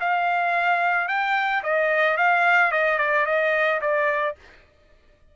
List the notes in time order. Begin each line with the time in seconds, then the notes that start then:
0.00 F5
1.08 G5
1.63 D#5
2.17 F5
2.71 D#5
2.99 D5
3.26 D#5
3.81 D5